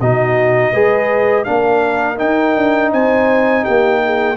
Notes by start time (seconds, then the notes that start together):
0.00 B2 D#4 F#4 D#5
0.72 G#3 G#4 B4
1.44 A#3 D4 A#4 F5
2.16 D#4 G5
2.57 D4
2.92 C4 C5 G#5
3.63 A#3 G4 G5
4.05 G#4